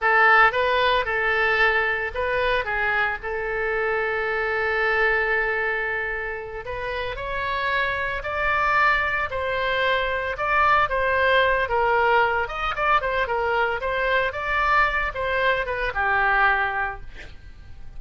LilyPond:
\new Staff \with { instrumentName = "oboe" } { \time 4/4 \tempo 4 = 113 a'4 b'4 a'2 | b'4 gis'4 a'2~ | a'1~ | a'8 b'4 cis''2 d''8~ |
d''4. c''2 d''8~ | d''8 c''4. ais'4. dis''8 | d''8 c''8 ais'4 c''4 d''4~ | d''8 c''4 b'8 g'2 | }